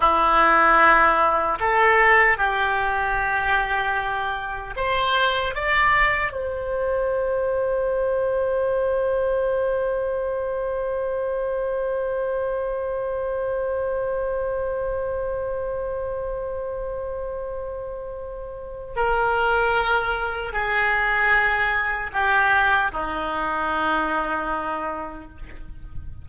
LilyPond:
\new Staff \with { instrumentName = "oboe" } { \time 4/4 \tempo 4 = 76 e'2 a'4 g'4~ | g'2 c''4 d''4 | c''1~ | c''1~ |
c''1~ | c''1 | ais'2 gis'2 | g'4 dis'2. | }